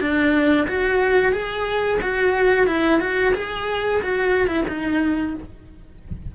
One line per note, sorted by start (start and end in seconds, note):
0.00 0.67 D4
0.68 1.32 F#4
1.32 1.98 G#4
2.01 2.66 F#4
2.66 2.99 E4
2.99 3.33 F#4
3.34 4.01 G#4
4.02 4.47 F#4
4.47 4.64 E4
4.68 5.34 D#4